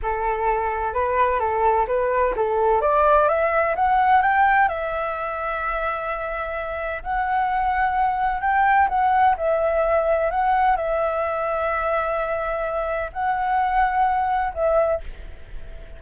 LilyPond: \new Staff \with { instrumentName = "flute" } { \time 4/4 \tempo 4 = 128 a'2 b'4 a'4 | b'4 a'4 d''4 e''4 | fis''4 g''4 e''2~ | e''2. fis''4~ |
fis''2 g''4 fis''4 | e''2 fis''4 e''4~ | e''1 | fis''2. e''4 | }